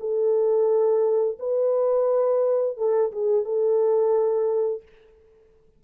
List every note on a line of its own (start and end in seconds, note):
0.00 1.38 A4
1.39 2.77 B4
2.77 3.12 A4
3.12 3.45 G#4
3.45 4.83 A4